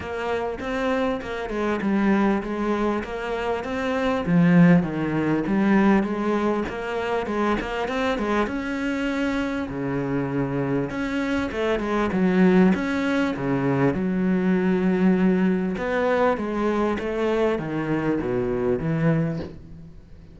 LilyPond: \new Staff \with { instrumentName = "cello" } { \time 4/4 \tempo 4 = 99 ais4 c'4 ais8 gis8 g4 | gis4 ais4 c'4 f4 | dis4 g4 gis4 ais4 | gis8 ais8 c'8 gis8 cis'2 |
cis2 cis'4 a8 gis8 | fis4 cis'4 cis4 fis4~ | fis2 b4 gis4 | a4 dis4 b,4 e4 | }